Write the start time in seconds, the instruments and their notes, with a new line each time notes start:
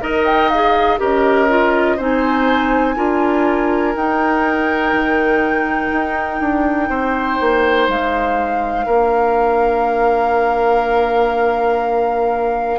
0.00 bassoon D#4, clarinet A#4, flute A#4, oboe D#5
0.25 flute G5
0.49 clarinet G#4, flute F5
0.98 bassoon C#4, clarinet G4, oboe A#4, flute D#5
1.49 clarinet F4
1.96 bassoon C4, clarinet D#4, oboe C5, flute G#5
2.95 bassoon D4, clarinet F4, oboe A#4
3.94 bassoon D#4, clarinet D#4, flute G5
4.92 bassoon D#3
5.92 bassoon D#4
6.40 bassoon D4
6.89 bassoon C4, oboe C5
7.40 bassoon A#3
7.88 bassoon G#3, flute F5
8.86 bassoon A#3, clarinet D4, oboe A#4